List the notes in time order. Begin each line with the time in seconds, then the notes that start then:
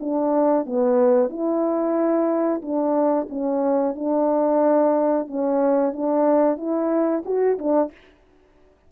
0.00 D4
0.66 B3
1.30 E4
2.62 D4
3.29 C#4
3.95 D4
5.27 C#4
5.93 D4
6.57 E4
7.25 F#4
7.59 D4